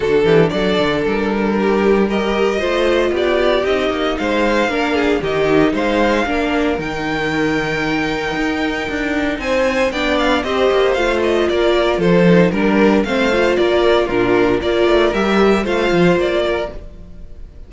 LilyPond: <<
  \new Staff \with { instrumentName = "violin" } { \time 4/4 \tempo 4 = 115 a'4 d''4 ais'2 | dis''2 d''4 dis''4 | f''2 dis''4 f''4~ | f''4 g''2.~ |
g''2 gis''4 g''8 f''8 | dis''4 f''8 dis''8 d''4 c''4 | ais'4 f''4 d''4 ais'4 | d''4 e''4 f''4 d''4 | }
  \new Staff \with { instrumentName = "violin" } { \time 4/4 fis'8 g'8 a'2 g'4 | ais'4 c''4 g'2 | c''4 ais'8 gis'8 g'4 c''4 | ais'1~ |
ais'2 c''4 d''4 | c''2 ais'4 a'4 | ais'4 c''4 ais'4 f'4 | ais'2 c''4. ais'8 | }
  \new Staff \with { instrumentName = "viola" } { \time 4/4 d'1 | g'4 f'2 dis'4~ | dis'4 d'4 dis'2 | d'4 dis'2.~ |
dis'2. d'4 | g'4 f'2~ f'8 dis'8 | d'4 c'8 f'4. d'4 | f'4 g'4 f'2 | }
  \new Staff \with { instrumentName = "cello" } { \time 4/4 d8 e8 fis8 d8 g2~ | g4 a4 b4 c'8 ais8 | gis4 ais4 dis4 gis4 | ais4 dis2. |
dis'4 d'4 c'4 b4 | c'8 ais8 a4 ais4 f4 | g4 a4 ais4 ais,4 | ais8 a8 g4 a8 f8 ais4 | }
>>